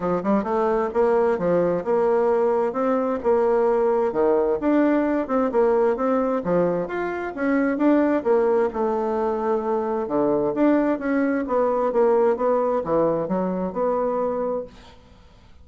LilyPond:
\new Staff \with { instrumentName = "bassoon" } { \time 4/4 \tempo 4 = 131 f8 g8 a4 ais4 f4 | ais2 c'4 ais4~ | ais4 dis4 d'4. c'8 | ais4 c'4 f4 f'4 |
cis'4 d'4 ais4 a4~ | a2 d4 d'4 | cis'4 b4 ais4 b4 | e4 fis4 b2 | }